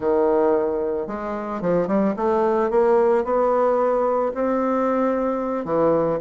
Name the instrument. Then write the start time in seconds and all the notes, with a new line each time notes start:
bassoon
0.00 D#3
1.07 G#3
1.61 F3
1.87 G3
2.16 A3
2.70 A#3
3.24 B3
4.34 C4
5.64 E3